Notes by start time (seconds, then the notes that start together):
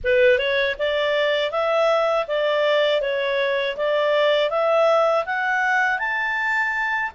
0.04 B4
0.38 C#5
0.78 D5
1.51 E5
2.27 D5
3.01 C#5
3.77 D5
4.50 E5
5.25 F#5
5.98 A5